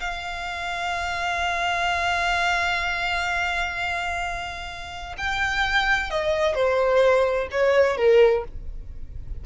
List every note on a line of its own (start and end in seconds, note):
0.00 5.16 F5
5.18 6.10 G5
6.10 6.55 D#5
6.55 7.49 C5
7.51 7.97 C#5
7.97 8.44 A#4